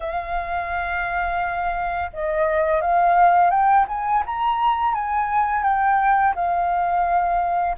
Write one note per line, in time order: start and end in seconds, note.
0.00 2.10 F5
2.13 2.81 D#5
2.81 3.50 F5
3.50 3.85 G5
3.88 4.23 G#5
4.25 4.94 A#5
4.94 5.63 G#5
5.63 6.33 G5
6.35 7.76 F5